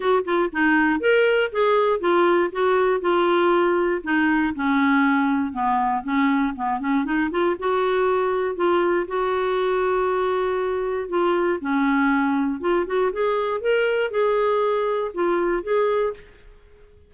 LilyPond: \new Staff \with { instrumentName = "clarinet" } { \time 4/4 \tempo 4 = 119 fis'8 f'8 dis'4 ais'4 gis'4 | f'4 fis'4 f'2 | dis'4 cis'2 b4 | cis'4 b8 cis'8 dis'8 f'8 fis'4~ |
fis'4 f'4 fis'2~ | fis'2 f'4 cis'4~ | cis'4 f'8 fis'8 gis'4 ais'4 | gis'2 f'4 gis'4 | }